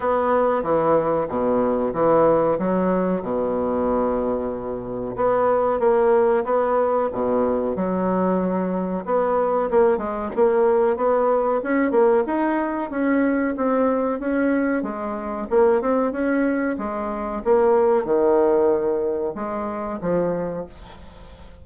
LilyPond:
\new Staff \with { instrumentName = "bassoon" } { \time 4/4 \tempo 4 = 93 b4 e4 b,4 e4 | fis4 b,2. | b4 ais4 b4 b,4 | fis2 b4 ais8 gis8 |
ais4 b4 cis'8 ais8 dis'4 | cis'4 c'4 cis'4 gis4 | ais8 c'8 cis'4 gis4 ais4 | dis2 gis4 f4 | }